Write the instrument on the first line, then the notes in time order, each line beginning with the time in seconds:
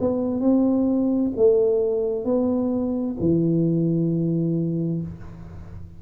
tuba
0.00 B3
0.40 C4
1.36 A3
2.24 B3
3.20 E3